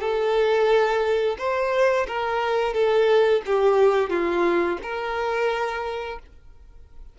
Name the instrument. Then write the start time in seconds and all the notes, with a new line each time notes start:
violin
0.00 A4
1.38 C5
2.07 A#4
2.73 A4
3.46 G4
4.10 F4
4.82 A#4